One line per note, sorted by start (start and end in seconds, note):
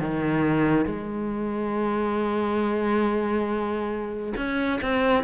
0.00 0.85 D#3
0.85 4.33 G#3
4.37 4.80 C#4
4.81 5.24 C4